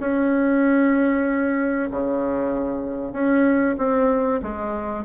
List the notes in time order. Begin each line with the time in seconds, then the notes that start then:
0.00 C#4
1.90 C#3
3.12 C#4
3.78 C4
4.42 G#3